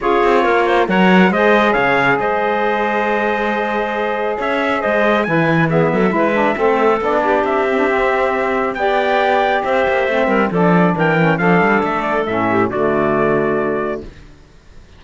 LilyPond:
<<
  \new Staff \with { instrumentName = "trumpet" } { \time 4/4 \tempo 4 = 137 cis''2 fis''4 dis''4 | f''4 dis''2.~ | dis''2 e''4 dis''4 | gis''4 e''2. |
d''4 e''2. | g''2 e''2 | d''4 g''4 f''4 e''8 d''8 | e''4 d''2. | }
  \new Staff \with { instrumentName = "clarinet" } { \time 4/4 gis'4 ais'8 c''8 cis''4 c''4 | cis''4 c''2.~ | c''2 cis''4 c''4 | b'4 gis'8 a'8 b'4 a'4~ |
a'8 g'2.~ g'8 | d''2 c''4. ais'8 | a'4 ais'4 a'2~ | a'8 g'8 fis'2. | }
  \new Staff \with { instrumentName = "saxophone" } { \time 4/4 f'2 ais'4 gis'4~ | gis'1~ | gis'1 | e'4 b4 e'8 d'8 c'4 |
d'4. c'16 d'16 c'2 | g'2. c'4 | d'4. cis'8 d'2 | cis'4 a2. | }
  \new Staff \with { instrumentName = "cello" } { \time 4/4 cis'8 c'8 ais4 fis4 gis4 | cis4 gis2.~ | gis2 cis'4 gis4 | e4. fis8 gis4 a4 |
b4 c'2. | b2 c'8 ais8 a8 g8 | f4 e4 f8 g8 a4 | a,4 d2. | }
>>